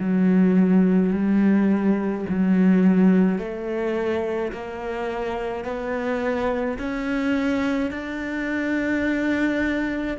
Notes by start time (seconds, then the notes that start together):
0.00 F#3
1.13 G3
2.30 F#3
3.39 A3
4.53 A#3
5.64 B3
6.79 C#4
7.91 D4